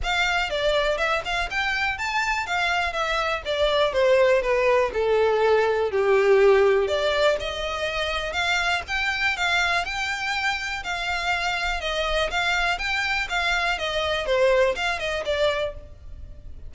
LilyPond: \new Staff \with { instrumentName = "violin" } { \time 4/4 \tempo 4 = 122 f''4 d''4 e''8 f''8 g''4 | a''4 f''4 e''4 d''4 | c''4 b'4 a'2 | g'2 d''4 dis''4~ |
dis''4 f''4 g''4 f''4 | g''2 f''2 | dis''4 f''4 g''4 f''4 | dis''4 c''4 f''8 dis''8 d''4 | }